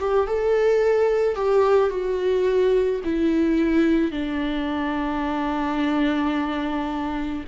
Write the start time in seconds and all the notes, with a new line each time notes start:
0.00 G4
0.27 A4
1.35 G4
1.90 F#4
3.04 E4
4.11 D4